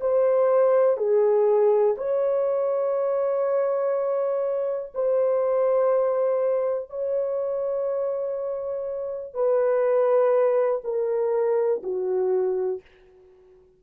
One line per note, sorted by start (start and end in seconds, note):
0.00 0.97 C5
0.97 1.95 G#4
1.98 4.93 C#5
4.94 6.89 C5
6.89 9.34 C#5
9.34 10.81 B4
10.83 11.82 A#4
11.83 12.81 F#4